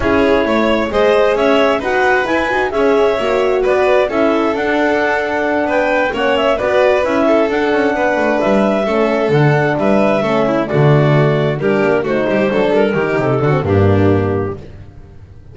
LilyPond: <<
  \new Staff \with { instrumentName = "clarinet" } { \time 4/4 \tempo 4 = 132 cis''2 dis''4 e''4 | fis''4 gis''4 e''2 | d''4 e''4 fis''2~ | fis''8 g''4 fis''8 e''8 d''4 e''8~ |
e''8 fis''2 e''4.~ | e''8 fis''4 e''2 d''8~ | d''4. ais'4 c''4. | ais'4 a'4 g'2 | }
  \new Staff \with { instrumentName = "violin" } { \time 4/4 gis'4 cis''4 c''4 cis''4 | b'2 cis''2 | b'4 a'2.~ | a'8 b'4 cis''4 b'4. |
a'4. b'2 a'8~ | a'4. b'4 a'8 e'8 fis'8~ | fis'4. g'4 fis'8 g'8 a'8~ | a'8 g'4 fis'8 d'2 | }
  \new Staff \with { instrumentName = "horn" } { \time 4/4 e'2 gis'2 | fis'4 e'8 fis'8 gis'4 fis'4~ | fis'4 e'4 d'2~ | d'4. cis'4 fis'4 e'8~ |
e'8 d'2. cis'8~ | cis'8 d'2 cis'4 a8~ | a4. d'4 dis'4 d'8~ | d'8 dis'4 d'16 c'16 ais2 | }
  \new Staff \with { instrumentName = "double bass" } { \time 4/4 cis'4 a4 gis4 cis'4 | dis'4 e'8 dis'8 cis'4 ais4 | b4 cis'4 d'2~ | d'8 b4 ais4 b4 cis'8~ |
cis'8 d'8 cis'8 b8 a8 g4 a8~ | a8 d4 g4 a4 d8~ | d4. g8 ais8 a8 g8 fis8 | g8 dis8 c8 d8 g,2 | }
>>